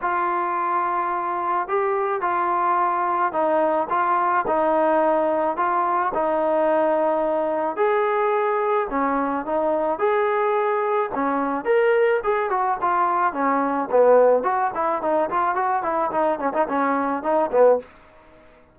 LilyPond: \new Staff \with { instrumentName = "trombone" } { \time 4/4 \tempo 4 = 108 f'2. g'4 | f'2 dis'4 f'4 | dis'2 f'4 dis'4~ | dis'2 gis'2 |
cis'4 dis'4 gis'2 | cis'4 ais'4 gis'8 fis'8 f'4 | cis'4 b4 fis'8 e'8 dis'8 f'8 | fis'8 e'8 dis'8 cis'16 dis'16 cis'4 dis'8 b8 | }